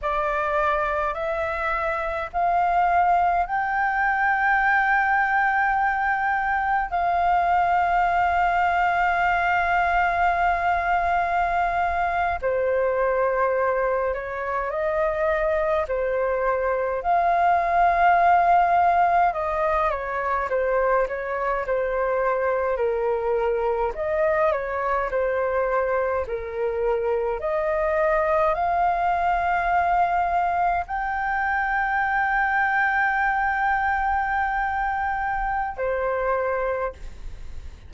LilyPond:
\new Staff \with { instrumentName = "flute" } { \time 4/4 \tempo 4 = 52 d''4 e''4 f''4 g''4~ | g''2 f''2~ | f''2~ f''8. c''4~ c''16~ | c''16 cis''8 dis''4 c''4 f''4~ f''16~ |
f''8. dis''8 cis''8 c''8 cis''8 c''4 ais'16~ | ais'8. dis''8 cis''8 c''4 ais'4 dis''16~ | dis''8. f''2 g''4~ g''16~ | g''2. c''4 | }